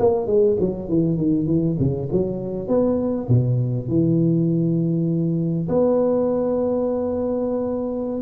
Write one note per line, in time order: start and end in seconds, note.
0.00 0.27 A#3
0.27 0.57 G#3
0.60 0.89 F#3
0.89 1.18 E3
1.18 1.47 D#3
1.47 1.77 E3
1.79 2.09 C#3
2.12 2.68 F#3
2.68 3.28 B3
3.29 3.89 B2
3.89 5.69 E3
5.69 8.22 B3